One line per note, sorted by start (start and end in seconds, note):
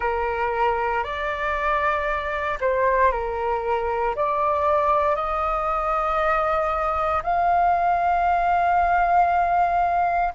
0.00 1.03 A#4
1.03 2.58 D5
2.60 3.11 C5
3.11 4.15 A#4
4.15 5.15 D5
5.15 7.22 D#5
7.23 10.33 F5